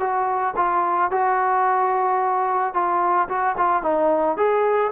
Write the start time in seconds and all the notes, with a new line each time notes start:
0.00 F#4
0.57 F4
1.11 F#4
2.74 F4
3.29 F#4
3.58 F4
3.83 D#4
4.37 G#4